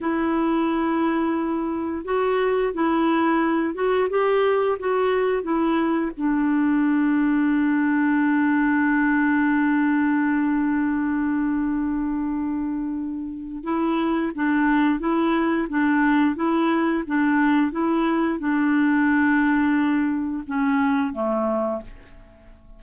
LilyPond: \new Staff \with { instrumentName = "clarinet" } { \time 4/4 \tempo 4 = 88 e'2. fis'4 | e'4. fis'8 g'4 fis'4 | e'4 d'2.~ | d'1~ |
d'1 | e'4 d'4 e'4 d'4 | e'4 d'4 e'4 d'4~ | d'2 cis'4 a4 | }